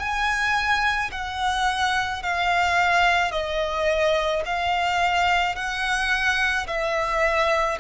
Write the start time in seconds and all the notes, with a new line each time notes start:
0.00 G#5
1.12 F#5
2.23 F5
3.32 D#5
4.46 F5
5.56 F#5
6.68 E5